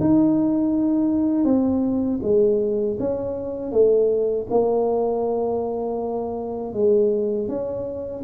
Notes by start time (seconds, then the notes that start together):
0.00 D#4
1.45 C4
2.22 G#3
2.99 C#4
3.71 A3
4.50 A#3
6.73 G#3
7.48 C#4